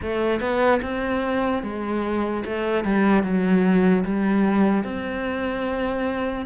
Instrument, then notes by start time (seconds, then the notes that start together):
cello
0.01 A3
0.40 B3
0.82 C4
1.63 G#3
2.45 A3
2.84 G3
3.22 F#3
4.05 G3
4.84 C4